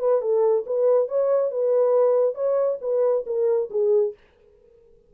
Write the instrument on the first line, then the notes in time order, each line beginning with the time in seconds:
horn
0.00 B4
0.22 A4
0.67 B4
1.09 C#5
1.51 B4
2.35 C#5
2.82 B4
3.27 A#4
3.71 G#4